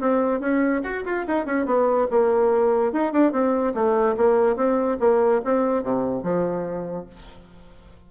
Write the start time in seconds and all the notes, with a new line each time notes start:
0.00 C4
0.40 C#4
0.83 F#4
1.04 F4
1.27 D#4
1.45 C#4
1.65 B3
2.10 A#3
2.92 D#4
3.12 D4
3.32 C4
3.74 A3
4.16 A#3
4.56 C4
4.99 A#3
5.44 C4
5.83 C3
6.23 F3